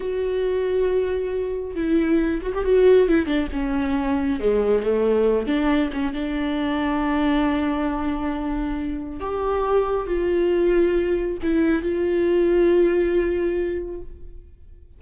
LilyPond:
\new Staff \with { instrumentName = "viola" } { \time 4/4 \tempo 4 = 137 fis'1 | e'4. fis'16 g'16 fis'4 e'8 d'8 | cis'2 gis4 a4~ | a8 d'4 cis'8 d'2~ |
d'1~ | d'4 g'2 f'4~ | f'2 e'4 f'4~ | f'1 | }